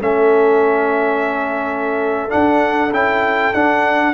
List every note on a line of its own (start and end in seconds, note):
0.00 2.30 A3
0.00 2.29 C#4
0.00 4.13 A4
0.00 2.30 E5
2.29 2.90 D4
2.29 2.91 D4
2.29 2.91 F#5
2.91 3.53 C#4
2.91 3.54 E4
2.91 3.53 G5
3.53 4.13 D4
3.53 4.13 F#5